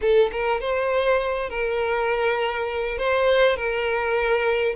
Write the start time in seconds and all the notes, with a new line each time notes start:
0.01 A4
0.32 A#4
0.60 C5
1.49 A#4
2.98 C5
3.56 A#4